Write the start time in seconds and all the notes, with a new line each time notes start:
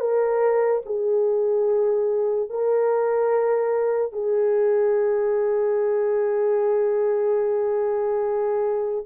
0.00 A#4
0.86 G#4
2.49 A#4
4.12 G#4